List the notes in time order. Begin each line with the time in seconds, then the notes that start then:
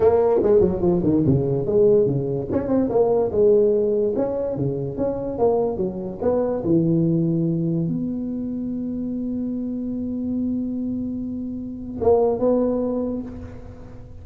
0.00 A#3
0.43 G#3
0.60 F#3
0.81 F3
1.03 D#3
1.26 C#3
1.66 G#3
2.06 C#3
2.51 C#4
2.68 C4
2.89 A#3
3.31 G#3
4.15 C#4
4.56 C#3
4.97 C#4
5.38 A#3
5.77 F#3
6.21 B3
6.64 E3
7.88 B3
12.01 A#3
12.39 B3